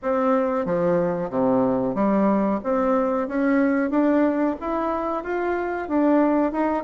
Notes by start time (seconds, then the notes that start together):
0.02 C4
0.65 F3
1.30 C3
1.94 G3
2.63 C4
3.28 C#4
3.90 D4
4.60 E4
5.23 F4
5.88 D4
6.52 D#4